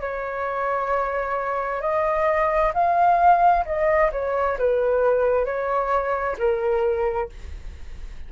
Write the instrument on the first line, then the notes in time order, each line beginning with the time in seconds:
flute
0.00 C#5
1.81 D#5
2.74 F5
3.65 D#5
4.12 C#5
4.58 B4
5.45 C#5
6.38 A#4